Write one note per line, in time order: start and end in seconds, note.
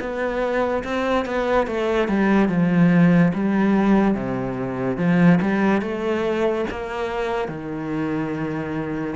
0.00 0.83 B3
0.84 1.25 C4
1.25 1.67 B3
1.67 2.08 A3
2.08 2.48 G3
2.48 3.32 F3
3.34 4.14 G3
4.14 4.97 C3
4.97 5.39 F3
5.41 5.81 G3
5.81 6.65 A3
6.70 7.48 A#3
7.48 9.15 D#3